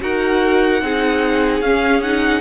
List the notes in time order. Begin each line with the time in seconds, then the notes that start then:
0.00 D#4 F#4 A#4 F#5
0.82 C4 D#4 G#4
1.60 C#4 F5
2.01 D#4 F#5